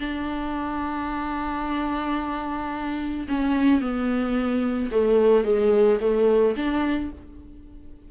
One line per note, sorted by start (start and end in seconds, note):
0.00 3.27 D4
3.29 3.81 C#4
3.81 4.90 B3
4.91 5.44 A3
5.44 5.99 G#3
6.01 6.56 A3
6.57 7.11 D4